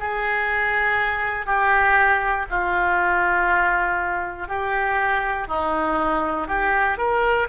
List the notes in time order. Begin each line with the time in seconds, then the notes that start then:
0.00 G#4
1.46 G4
2.50 F4
4.48 G4
5.48 D#4
6.48 G4
6.98 A#4